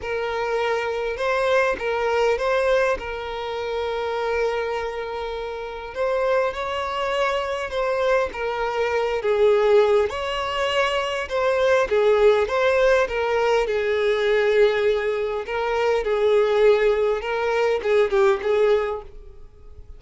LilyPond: \new Staff \with { instrumentName = "violin" } { \time 4/4 \tempo 4 = 101 ais'2 c''4 ais'4 | c''4 ais'2.~ | ais'2 c''4 cis''4~ | cis''4 c''4 ais'4. gis'8~ |
gis'4 cis''2 c''4 | gis'4 c''4 ais'4 gis'4~ | gis'2 ais'4 gis'4~ | gis'4 ais'4 gis'8 g'8 gis'4 | }